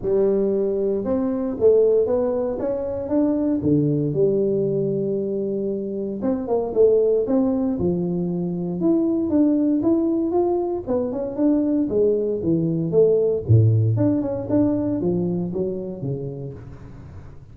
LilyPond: \new Staff \with { instrumentName = "tuba" } { \time 4/4 \tempo 4 = 116 g2 c'4 a4 | b4 cis'4 d'4 d4 | g1 | c'8 ais8 a4 c'4 f4~ |
f4 e'4 d'4 e'4 | f'4 b8 cis'8 d'4 gis4 | e4 a4 a,4 d'8 cis'8 | d'4 f4 fis4 cis4 | }